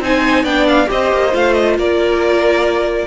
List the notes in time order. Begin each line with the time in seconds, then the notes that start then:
0.00 C4 D#4 C5 G#5
0.43 B3 D4 D5 G5
0.67 F5
0.86 C4 G4 C5 D#5
1.12 A#3
1.32 A3 F4 F5
1.53 D#5
1.78 A#3 A#4 D5